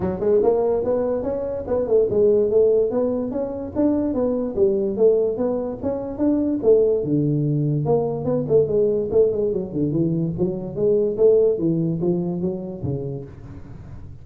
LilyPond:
\new Staff \with { instrumentName = "tuba" } { \time 4/4 \tempo 4 = 145 fis8 gis8 ais4 b4 cis'4 | b8 a8 gis4 a4 b4 | cis'4 d'4 b4 g4 | a4 b4 cis'4 d'4 |
a4 d2 ais4 | b8 a8 gis4 a8 gis8 fis8 d8 | e4 fis4 gis4 a4 | e4 f4 fis4 cis4 | }